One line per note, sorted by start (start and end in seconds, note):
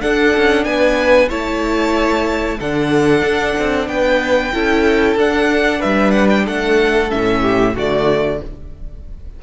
0.00 1.29 D4
0.00 0.36 D4
0.00 0.66 A4
0.00 0.64 F#5
0.36 0.65 C#4
0.64 1.30 B3
0.64 1.29 B4
0.64 1.29 G#5
1.29 2.59 A3
1.29 2.58 E4
1.29 2.58 C#5
1.29 2.60 A5
2.59 3.22 D3
2.59 4.53 D4
2.59 3.88 A4
2.59 3.88 F#5
3.22 3.54 D4
3.58 3.87 C4
3.87 4.52 B3
3.87 4.53 B4
3.87 5.17 G5
4.53 5.16 C#4
4.53 5.18 E4
4.53 5.78 A4
5.16 5.80 D4
5.16 7.09 D4
5.16 5.81 F#5
5.78 6.47 G3
5.78 6.43 B4
5.78 6.11 E5
6.11 6.27 F#5
6.29 6.46 G5
6.45 7.11 A3
6.45 7.41 A4
6.45 7.11 F#5
7.09 7.76 A2
7.09 7.74 C#4
7.09 7.75 E5
7.41 7.73 G4
7.75 8.41 D3
7.75 8.42 A3
7.75 8.39 F#4
7.75 8.43 D5